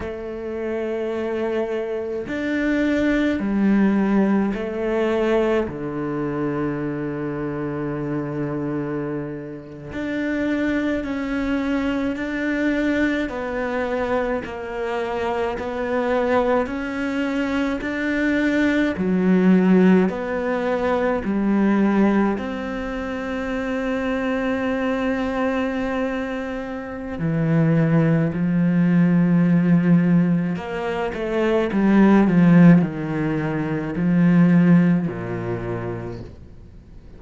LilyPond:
\new Staff \with { instrumentName = "cello" } { \time 4/4 \tempo 4 = 53 a2 d'4 g4 | a4 d2.~ | d8. d'4 cis'4 d'4 b16~ | b8. ais4 b4 cis'4 d'16~ |
d'8. fis4 b4 g4 c'16~ | c'1 | e4 f2 ais8 a8 | g8 f8 dis4 f4 ais,4 | }